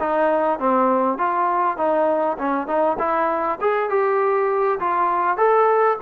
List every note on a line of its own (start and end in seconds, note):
0.00 0.59 D#4
0.59 1.18 C4
1.18 1.77 F4
1.77 2.37 D#4
2.38 2.67 C#4
2.67 2.97 D#4
2.99 3.59 E4
3.61 3.89 G#4
3.89 4.79 G4
4.80 5.37 F4
5.37 5.97 A4